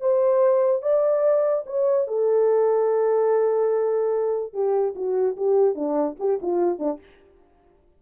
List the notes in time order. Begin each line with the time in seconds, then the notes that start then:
0.00 C5
0.82 D5
1.66 C#5
2.07 A4
4.53 G4
4.95 F#4
5.36 G4
5.75 D4
6.19 G4
6.42 F4
6.79 D4